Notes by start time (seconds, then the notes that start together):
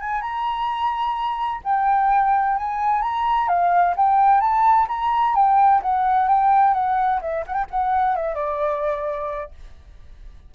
0.00 G#5
0.21 A#5
1.64 G5
2.57 G#5
3.01 A#5
3.48 F5
3.96 G5
4.40 A5
4.88 A#5
5.35 G5
5.82 F#5
6.28 G5
6.74 F#5
7.21 E5
7.46 F#5
7.53 G5
7.70 F#5
8.15 E5
8.34 D5